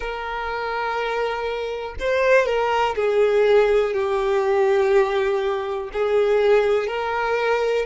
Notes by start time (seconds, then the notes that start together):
0.00 A#4
1.99 C5
2.45 A#4
2.95 G#4
3.93 G4
5.92 G#4
6.87 A#4